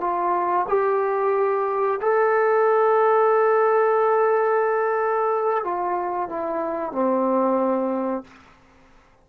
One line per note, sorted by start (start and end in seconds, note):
0.00 0.66 F4
0.68 2.00 G4
2.01 5.64 A4
5.64 6.29 F4
6.29 6.92 E4
6.92 8.24 C4